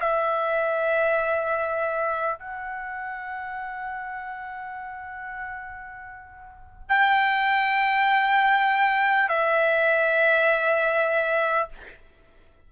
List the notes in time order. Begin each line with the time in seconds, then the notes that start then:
0.00 E5
2.38 F#5
6.88 G5
9.28 E5